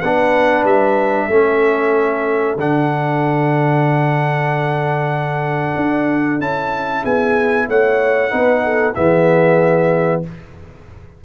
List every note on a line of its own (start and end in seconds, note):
0.00 0.64 B3
0.00 1.30 D4
0.00 1.27 B4
0.00 0.64 F#5
0.64 1.28 G3
0.64 2.58 E5
1.27 2.56 A3
1.27 2.58 C#4
1.27 7.01 A4
2.56 5.75 D3
2.56 6.40 D4
2.56 6.41 F#5
5.76 6.40 D4
6.40 7.03 C#4
6.40 8.30 E4
6.40 7.05 A5
7.02 7.68 B3
7.02 7.66 G#4
7.02 7.69 G#5
7.68 8.32 A3
7.68 8.32 C#5
7.68 8.95 F#5
8.30 8.96 B3
8.30 8.94 D#4
8.30 8.63 B4
8.65 8.95 A4
8.95 10.24 E3
8.95 10.23 B3
8.95 10.23 G#4
8.95 10.22 E5